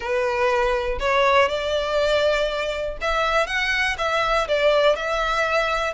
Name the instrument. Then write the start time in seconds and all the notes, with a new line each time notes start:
violin
0.00 B4
0.99 C#5
1.48 D5
3.01 E5
3.46 F#5
3.97 E5
4.48 D5
4.96 E5